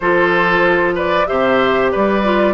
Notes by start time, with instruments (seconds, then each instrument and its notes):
0.00 bassoon F3, clarinet F4, oboe A4, flute C5
0.94 oboe B4, flute D5
1.26 bassoon C3, clarinet G4, oboe C5, flute E5
1.91 bassoon G3, oboe B4, flute D5
2.23 clarinet F4